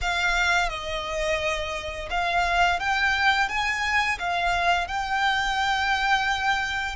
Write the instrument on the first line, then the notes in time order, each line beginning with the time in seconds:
violin
0.01 F5
0.69 D#5
2.10 F5
2.79 G5
3.48 G#5
4.19 F5
4.87 G5